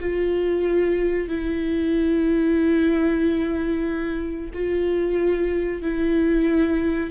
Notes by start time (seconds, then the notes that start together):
0.00 F4
1.28 E4
4.54 F4
5.82 E4